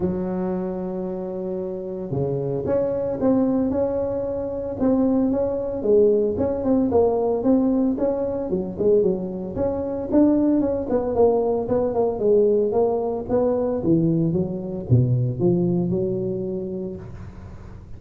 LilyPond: \new Staff \with { instrumentName = "tuba" } { \time 4/4 \tempo 4 = 113 fis1 | cis4 cis'4 c'4 cis'4~ | cis'4 c'4 cis'4 gis4 | cis'8 c'8 ais4 c'4 cis'4 |
fis8 gis8 fis4 cis'4 d'4 | cis'8 b8 ais4 b8 ais8 gis4 | ais4 b4 e4 fis4 | b,4 f4 fis2 | }